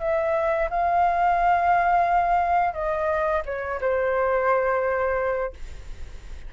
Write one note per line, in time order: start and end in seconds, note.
0.00 0.69 E5
0.70 2.74 F5
2.74 3.43 D#5
3.46 3.81 C#5
3.81 5.54 C5